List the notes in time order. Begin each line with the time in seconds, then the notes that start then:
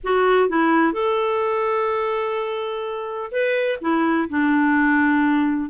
0.03 F#4
0.49 E4
0.92 A4
3.31 B4
3.81 E4
4.29 D4